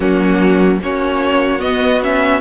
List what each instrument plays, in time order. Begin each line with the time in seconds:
0.00 cello F#3, viola A#3, violin C#4 F#4
0.80 cello A#3, viola C#4, violin F#4 C#5
1.59 viola B3, cello B3, violin D#5
2.02 viola C#4, violin E5